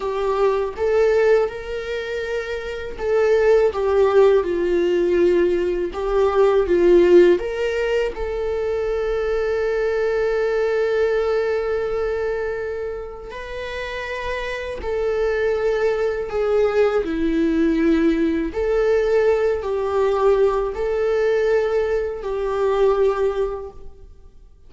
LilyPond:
\new Staff \with { instrumentName = "viola" } { \time 4/4 \tempo 4 = 81 g'4 a'4 ais'2 | a'4 g'4 f'2 | g'4 f'4 ais'4 a'4~ | a'1~ |
a'2 b'2 | a'2 gis'4 e'4~ | e'4 a'4. g'4. | a'2 g'2 | }